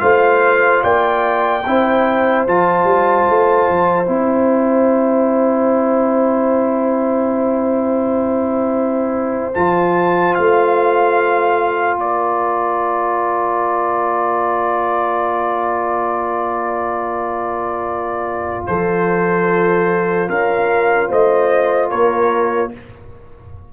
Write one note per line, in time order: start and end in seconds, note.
0.00 0.83 A3
0.00 1.62 F4
0.00 0.83 C5
0.00 0.83 F5
0.83 1.65 A#3
0.83 1.64 D5
0.83 2.45 G5
1.67 2.47 C4
1.67 2.48 E4
1.67 12.01 C5
2.47 2.84 F3
2.47 4.06 F4
2.47 4.07 A5
2.84 3.25 G3
3.29 3.69 A3
3.69 4.08 F3
4.06 9.55 C4
4.06 9.53 E4
4.06 9.54 G5
9.55 10.37 F3
9.55 22.73 F4
9.55 10.35 A5
10.35 11.96 A3
10.35 11.97 F5
11.96 18.65 A#3
11.96 18.68 A#4
11.96 18.67 D5
18.67 20.29 F3
18.67 20.29 A4
18.67 20.29 C5
20.29 21.10 C#4
20.29 21.09 A#4
20.29 21.10 F5
21.09 21.92 A3
21.09 21.90 C5
21.09 21.90 D#5
21.90 22.73 A#3
21.90 22.72 A#4
21.90 22.71 C#5